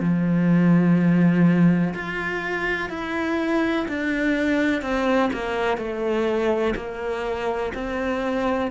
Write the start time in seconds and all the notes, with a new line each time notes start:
0.00 F3
1.94 F4
2.89 E4
3.88 D4
4.82 C4
5.33 A#3
5.77 A3
6.76 A#3
7.74 C4